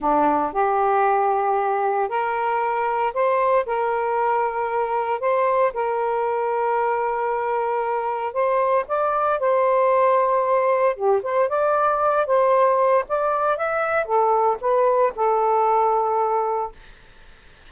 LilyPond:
\new Staff \with { instrumentName = "saxophone" } { \time 4/4 \tempo 4 = 115 d'4 g'2. | ais'2 c''4 ais'4~ | ais'2 c''4 ais'4~ | ais'1 |
c''4 d''4 c''2~ | c''4 g'8 c''8 d''4. c''8~ | c''4 d''4 e''4 a'4 | b'4 a'2. | }